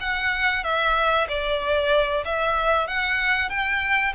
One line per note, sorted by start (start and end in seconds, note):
0.00 0.64 F#5
0.64 1.27 E5
1.29 2.24 D5
2.25 2.87 E5
2.87 3.49 F#5
3.49 4.13 G5